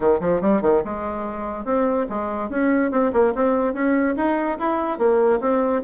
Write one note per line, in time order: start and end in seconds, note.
0.00 0.20 D#3
0.20 0.41 F3
0.41 0.61 G3
0.61 0.82 D#3
0.84 1.64 G#3
1.64 2.06 C4
2.09 2.49 G#3
2.49 2.91 C#4
2.91 3.12 C4
3.12 3.33 A#3
3.34 3.73 C4
3.73 4.15 C#4
4.16 4.58 D#4
4.59 4.98 E4
4.98 5.40 A#3
5.40 5.82 C4